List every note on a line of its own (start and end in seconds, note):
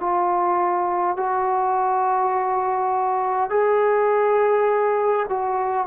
0.00 1.17 F4
1.17 3.50 F#4
3.50 5.27 G#4
5.29 5.88 F#4